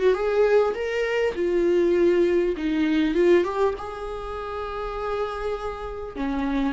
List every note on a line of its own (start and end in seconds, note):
0.00 0.14 F#4
0.14 0.74 G#4
0.75 1.35 A#4
1.36 2.56 F4
2.57 3.15 D#4
3.15 3.44 F4
3.44 3.74 G4
3.78 6.16 G#4
6.16 6.73 C#4